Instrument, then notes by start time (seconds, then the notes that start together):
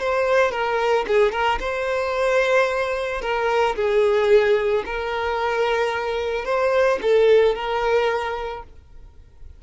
violin
0.00 C5
0.52 A#4
1.08 G#4
1.32 A#4
1.60 C5
3.22 A#4
3.76 G#4
4.86 A#4
6.45 C5
7.02 A4
7.55 A#4